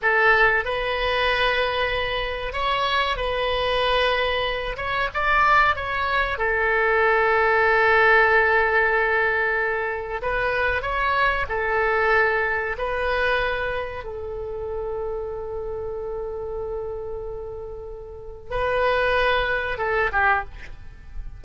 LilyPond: \new Staff \with { instrumentName = "oboe" } { \time 4/4 \tempo 4 = 94 a'4 b'2. | cis''4 b'2~ b'8 cis''8 | d''4 cis''4 a'2~ | a'1 |
b'4 cis''4 a'2 | b'2 a'2~ | a'1~ | a'4 b'2 a'8 g'8 | }